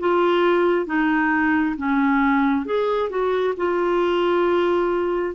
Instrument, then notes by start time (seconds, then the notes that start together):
clarinet
0.00 F4
0.86 D#4
1.77 C#4
2.66 G#4
3.09 F#4
3.57 F4